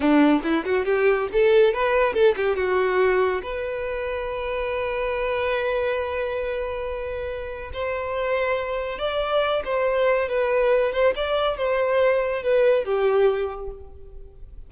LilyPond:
\new Staff \with { instrumentName = "violin" } { \time 4/4 \tempo 4 = 140 d'4 e'8 fis'8 g'4 a'4 | b'4 a'8 g'8 fis'2 | b'1~ | b'1~ |
b'2 c''2~ | c''4 d''4. c''4. | b'4. c''8 d''4 c''4~ | c''4 b'4 g'2 | }